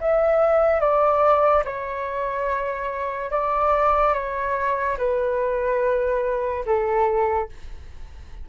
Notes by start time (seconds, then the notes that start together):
0.00 E5
0.80 D5
1.64 C#5
3.30 D5
4.13 C#5
4.98 B4
6.66 A4